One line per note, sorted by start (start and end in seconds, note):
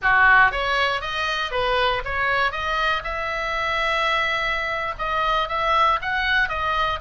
0.02 0.51 F#4
0.51 1.01 C#5
1.01 1.51 D#5
1.51 2.02 B4
2.05 2.51 C#5
2.51 3.02 D#5
3.03 4.94 E5
4.98 5.48 D#5
5.48 5.99 E5
6.01 6.48 F#5
6.48 6.99 D#5